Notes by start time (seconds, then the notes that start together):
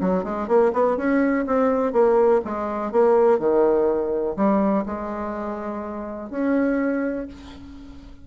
0.00 F#3
0.23 G#3
0.48 A#3
0.73 B3
0.97 C#4
1.46 C4
1.92 A#3
2.44 G#3
2.91 A#3
3.38 D#3
4.36 G3
4.85 G#3
6.30 C#4